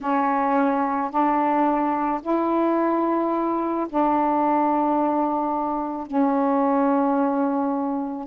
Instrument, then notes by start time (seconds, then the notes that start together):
saxophone
0.00 C#4
1.10 D4
2.22 E4
3.89 D4
6.07 C#4